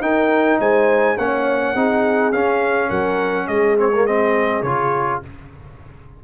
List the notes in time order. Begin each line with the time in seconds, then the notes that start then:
0.00 D#4 A#4 G5
0.59 G#3 C5 G#5
1.17 A#3 C#4 C#5 F#5
1.75 C4 D#4 G#4
2.32 C#4 F5
2.89 F#3 A#4 F#5
3.47 G#3 G#4 D#5
3.77 C4 C#5
3.93 A#3
4.06 C4 D#5
4.62 C#3 F4 C#5